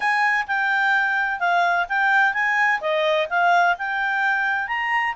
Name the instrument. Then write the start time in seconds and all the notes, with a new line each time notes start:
clarinet
0.00 G#5
0.47 G5
1.39 F5
1.89 G5
2.33 G#5
2.81 D#5
3.29 F5
3.78 G5
4.67 A#5